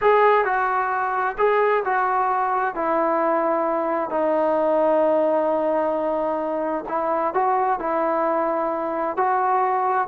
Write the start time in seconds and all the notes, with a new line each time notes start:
0.01 G#4
0.45 F#4
1.37 G#4
1.84 F#4
2.74 E4
4.10 D#4
6.88 E4
7.34 F#4
7.79 E4
9.16 F#4